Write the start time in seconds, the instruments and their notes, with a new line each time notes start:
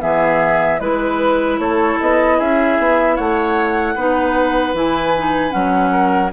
0.00 bassoon E3, clarinet B3, oboe G#4, flute E5
0.79 bassoon G#3, clarinet E4, flute B4, oboe B4
1.58 bassoon A3, oboe A4, flute C#5
2.01 bassoon B3, flute D#5
2.38 bassoon C#4, oboe G#4, flute E5
2.78 bassoon B3
3.15 bassoon A3, oboe C#5, flute F#5
3.95 bassoon B3, clarinet D#4, oboe B4
4.73 bassoon E3, clarinet E4, flute G#5
5.17 clarinet D#4
5.50 bassoon F#3, clarinet C#4, flute F#5
5.91 oboe A#4